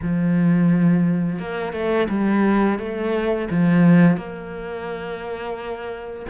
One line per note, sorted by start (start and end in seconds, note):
0.02 1.39 F3
1.39 1.73 A#3
1.73 2.07 A3
2.09 2.78 G3
2.78 3.48 A3
3.50 4.16 F3
4.16 6.26 A#3